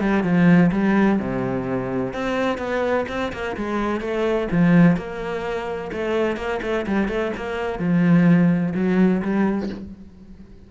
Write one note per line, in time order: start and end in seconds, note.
0.00 0.23 G3
0.23 0.70 F3
0.72 1.19 G3
1.19 2.13 C3
2.13 2.58 C4
2.58 3.05 B3
3.08 3.32 C4
3.32 3.56 A#3
3.56 4.01 G#3
4.01 4.48 A3
4.51 4.96 F3
4.96 5.91 A#3
5.92 6.36 A3
6.36 6.60 A#3
6.62 6.86 A3
6.86 7.08 G3
7.08 7.32 A3
7.36 7.79 A#3
7.79 8.73 F3
8.74 9.21 F#3
9.22 9.69 G3